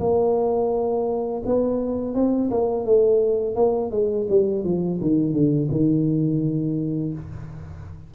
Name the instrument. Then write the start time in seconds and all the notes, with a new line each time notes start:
tuba
0.00 A#3
1.46 B3
2.15 C4
2.50 A#3
2.85 A3
3.55 A#3
3.91 G#3
4.30 G3
4.64 F3
5.01 D#3
5.33 D3
5.71 D#3